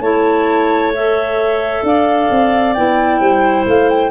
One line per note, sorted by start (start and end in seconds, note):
0.00 1.82 A3
0.00 0.93 E4
0.00 1.83 C#5
0.00 0.91 A5
0.94 2.76 A4
0.94 1.85 E5
1.83 2.28 D4
1.83 3.20 D5
1.83 2.73 F5
2.30 2.76 C4
2.73 3.20 B3
2.73 4.10 E4
2.73 3.64 G5
3.20 3.65 G3
3.20 4.10 C5
3.66 4.10 A3
3.66 3.89 F5
3.89 4.10 G5